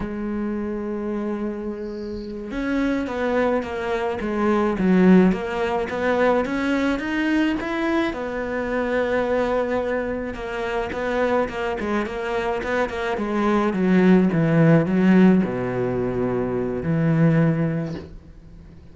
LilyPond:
\new Staff \with { instrumentName = "cello" } { \time 4/4 \tempo 4 = 107 gis1~ | gis8 cis'4 b4 ais4 gis8~ | gis8 fis4 ais4 b4 cis'8~ | cis'8 dis'4 e'4 b4.~ |
b2~ b8 ais4 b8~ | b8 ais8 gis8 ais4 b8 ais8 gis8~ | gis8 fis4 e4 fis4 b,8~ | b,2 e2 | }